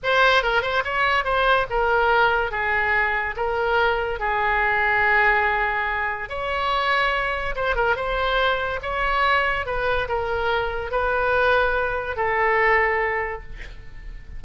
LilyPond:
\new Staff \with { instrumentName = "oboe" } { \time 4/4 \tempo 4 = 143 c''4 ais'8 c''8 cis''4 c''4 | ais'2 gis'2 | ais'2 gis'2~ | gis'2. cis''4~ |
cis''2 c''8 ais'8 c''4~ | c''4 cis''2 b'4 | ais'2 b'2~ | b'4 a'2. | }